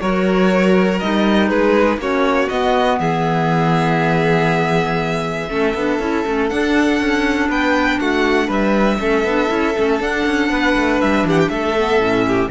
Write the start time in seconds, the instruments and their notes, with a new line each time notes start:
0.00 cello F#3, clarinet F#4, violin A#4 C#5
0.99 cello G3, clarinet D#4, violin D#5
1.48 cello G#3, violin G#4 B4
1.97 cello A#3, clarinet C#4, violin F#4 C#5
2.49 clarinet B3, cello B3, violin D#5
2.99 cello E3, violin G#4 E5
5.48 cello A3, clarinet C#4, violin A4
5.74 cello B3, clarinet D4
5.99 cello C#4, clarinet E4
6.24 cello A3, clarinet C#4
6.48 clarinet D4, cello D4, violin F#5
7.00 cello C#4
7.49 cello B3, violin B4 G5
7.99 cello A3, violin F#4 F#5
8.47 cello G3, violin B4 E5
8.99 cello A3, clarinet C#4, violin A4
9.24 cello B3, clarinet D4
9.47 cello C#4, clarinet E4
9.77 cello A3, clarinet C#4
9.99 clarinet D4, cello D4, violin F#5
10.26 cello C#4
10.50 cello B3, violin B4
10.76 cello A3
11.01 cello G3, violin E5
11.24 cello E3, violin G4 F#5
11.39 violin G5
11.49 cello A3, violin A4 E5
11.77 clarinet B3
11.98 cello A2, clarinet C#4
12.27 violin G4